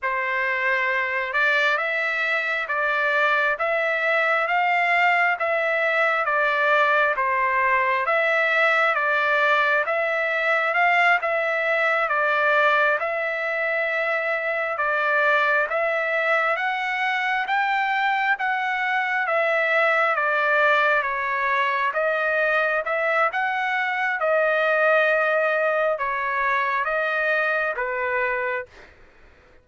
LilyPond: \new Staff \with { instrumentName = "trumpet" } { \time 4/4 \tempo 4 = 67 c''4. d''8 e''4 d''4 | e''4 f''4 e''4 d''4 | c''4 e''4 d''4 e''4 | f''8 e''4 d''4 e''4.~ |
e''8 d''4 e''4 fis''4 g''8~ | g''8 fis''4 e''4 d''4 cis''8~ | cis''8 dis''4 e''8 fis''4 dis''4~ | dis''4 cis''4 dis''4 b'4 | }